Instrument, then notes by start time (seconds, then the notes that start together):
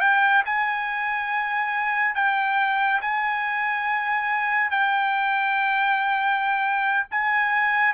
trumpet
0.00 G5
0.45 G#5
2.15 G5
3.01 G#5
4.70 G5
7.11 G#5